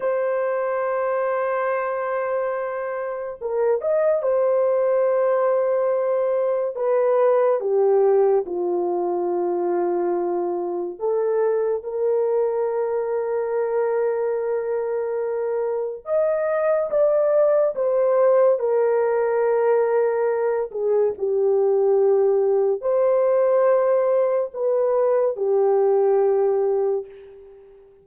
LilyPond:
\new Staff \with { instrumentName = "horn" } { \time 4/4 \tempo 4 = 71 c''1 | ais'8 dis''8 c''2. | b'4 g'4 f'2~ | f'4 a'4 ais'2~ |
ais'2. dis''4 | d''4 c''4 ais'2~ | ais'8 gis'8 g'2 c''4~ | c''4 b'4 g'2 | }